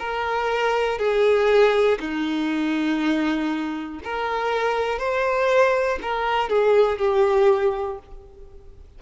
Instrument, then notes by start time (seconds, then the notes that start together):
violin
0.00 A#4
0.99 G#4
2.00 D#4
4.05 A#4
5.00 C5
6.02 A#4
6.50 G#4
6.99 G4